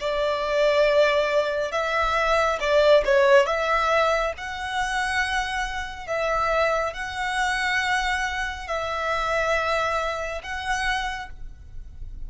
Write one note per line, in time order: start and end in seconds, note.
0.00 1.72 D5
1.72 2.59 E5
2.60 3.04 D5
3.05 3.46 C#5
3.46 4.33 E5
4.37 6.07 F#5
6.07 6.94 E5
6.94 8.67 F#5
8.67 10.41 E5
10.43 11.30 F#5